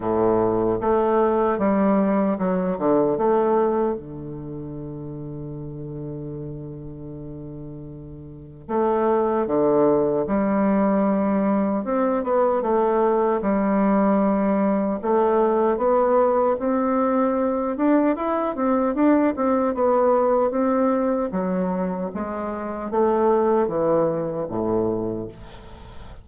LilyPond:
\new Staff \with { instrumentName = "bassoon" } { \time 4/4 \tempo 4 = 76 a,4 a4 g4 fis8 d8 | a4 d2.~ | d2. a4 | d4 g2 c'8 b8 |
a4 g2 a4 | b4 c'4. d'8 e'8 c'8 | d'8 c'8 b4 c'4 fis4 | gis4 a4 e4 a,4 | }